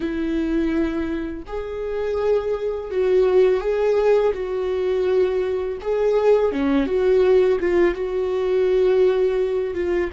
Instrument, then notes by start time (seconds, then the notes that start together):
viola
0.00 E4
1.47 G#4
2.90 F#4
3.60 G#4
4.33 F#4
5.81 G#4
6.52 C#4
6.86 F#4
7.60 F4
7.95 F#4
9.74 F4